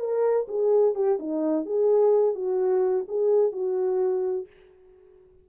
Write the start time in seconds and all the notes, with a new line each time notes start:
0.00 A#4
0.48 G#4
0.95 G4
1.20 D#4
1.66 G#4
2.35 F#4
3.08 G#4
3.53 F#4